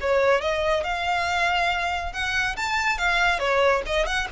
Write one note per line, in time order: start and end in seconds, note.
0.00 0.41 C#5
0.41 0.83 D#5
0.83 2.12 F5
2.12 2.56 F#5
2.56 2.98 A5
2.98 3.39 F5
3.39 3.82 C#5
3.86 4.06 D#5
4.06 4.27 F#5